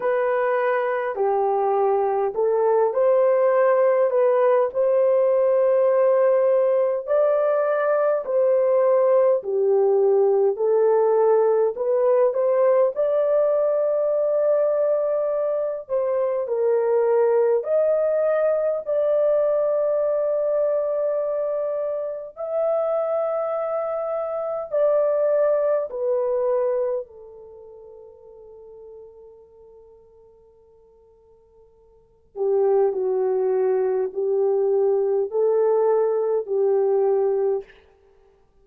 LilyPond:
\new Staff \with { instrumentName = "horn" } { \time 4/4 \tempo 4 = 51 b'4 g'4 a'8 c''4 b'8 | c''2 d''4 c''4 | g'4 a'4 b'8 c''8 d''4~ | d''4. c''8 ais'4 dis''4 |
d''2. e''4~ | e''4 d''4 b'4 a'4~ | a'2.~ a'8 g'8 | fis'4 g'4 a'4 g'4 | }